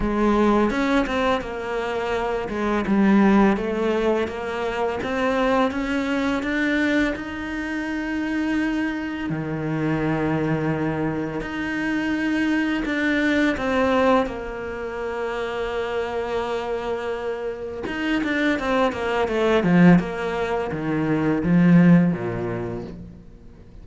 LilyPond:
\new Staff \with { instrumentName = "cello" } { \time 4/4 \tempo 4 = 84 gis4 cis'8 c'8 ais4. gis8 | g4 a4 ais4 c'4 | cis'4 d'4 dis'2~ | dis'4 dis2. |
dis'2 d'4 c'4 | ais1~ | ais4 dis'8 d'8 c'8 ais8 a8 f8 | ais4 dis4 f4 ais,4 | }